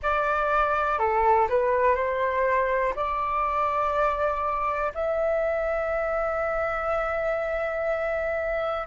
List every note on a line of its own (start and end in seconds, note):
0.02 0.98 D5
0.98 1.48 A4
1.49 1.95 B4
1.95 2.93 C5
2.95 4.92 D5
4.94 8.87 E5